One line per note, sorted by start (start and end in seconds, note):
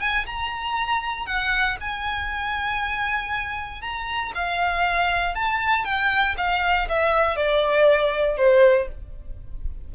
0.00 0.25 G#5
0.26 1.26 A#5
1.26 1.77 F#5
1.81 3.82 G#5
3.82 4.32 A#5
4.35 5.35 F5
5.35 5.85 A5
5.85 6.36 G5
6.37 6.88 F5
6.89 7.36 E5
7.36 8.37 D5
8.37 8.88 C5